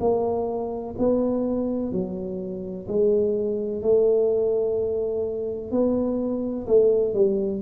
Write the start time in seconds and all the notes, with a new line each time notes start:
0.00 A#3
0.99 B3
1.92 F#3
2.88 G#3
3.82 A3
5.71 B3
6.67 A3
7.14 G3